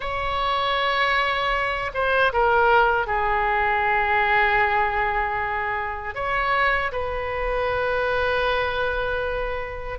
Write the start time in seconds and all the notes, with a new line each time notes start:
0.00 C#5
1.93 C5
2.33 A#4
3.07 G#4
6.14 C#5
6.92 B4